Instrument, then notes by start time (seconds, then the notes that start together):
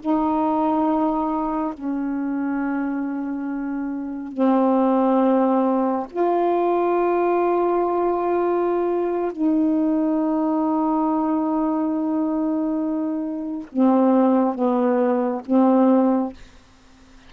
saxophone
0.00 D#4
1.74 C#4
4.32 C4
6.10 F4
9.32 D#4
13.72 C4
14.55 B3
15.46 C4